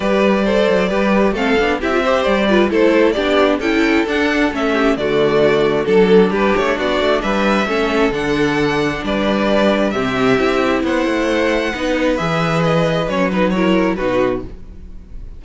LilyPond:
<<
  \new Staff \with { instrumentName = "violin" } { \time 4/4 \tempo 4 = 133 d''2. f''4 | e''4 d''4 c''4 d''4 | g''4 fis''4 e''4 d''4~ | d''4 a'4 b'8 cis''8 d''4 |
e''2 fis''2 | d''2 e''2 | fis''2. e''4 | dis''4 cis''8 b'8 cis''4 b'4 | }
  \new Staff \with { instrumentName = "violin" } { \time 4/4 b'4 c''4 b'4 a'4 | g'8 c''4 b'8 a'4 g'4 | a'2~ a'8 g'8 fis'4~ | fis'4 a'4 g'4 fis'4 |
b'4 a'2. | b'2 g'2 | c''2 b'2~ | b'2 ais'4 fis'4 | }
  \new Staff \with { instrumentName = "viola" } { \time 4/4 g'4 a'4 g'4 c'8 d'8 | e'16 f'16 g'4 f'8 e'4 d'4 | e'4 d'4 cis'4 a4~ | a4 d'2.~ |
d'4 cis'4 d'2~ | d'2 c'4 e'4~ | e'2 dis'4 gis'4~ | gis'4 cis'8 dis'8 e'4 dis'4 | }
  \new Staff \with { instrumentName = "cello" } { \time 4/4 g4. fis8 g4 a8 b8 | c'4 g4 a4 b4 | cis'4 d'4 a4 d4~ | d4 fis4 g8 a8 b8 a8 |
g4 a4 d2 | g2 c4 c'4 | b8 a4. b4 e4~ | e4 fis2 b,4 | }
>>